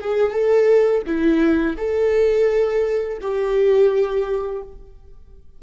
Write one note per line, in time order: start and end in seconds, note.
0.00 0.32 G#4
0.32 1.02 A4
1.06 1.76 E4
1.77 3.18 A4
3.21 4.62 G4